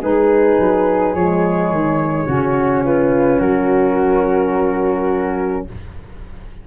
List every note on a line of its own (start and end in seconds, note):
0.00 0.58 G#3
0.00 1.15 D#4
0.00 2.26 G#4
0.00 1.14 B4
0.59 1.14 F#3
1.14 1.70 F3
1.14 2.27 G#3
1.14 2.84 C#5
1.70 2.26 D#3
2.26 3.39 C#3
2.26 5.67 C#4
2.26 2.83 F#4
2.84 3.38 F4
2.84 3.40 B4
3.38 5.66 F#3
3.38 5.65 F#4
3.38 5.67 A#4